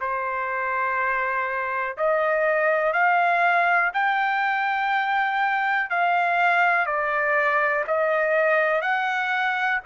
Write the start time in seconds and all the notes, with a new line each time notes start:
0.00 C5
1.97 D#5
2.93 F5
3.93 G5
5.90 F5
6.86 D5
7.87 D#5
8.82 F#5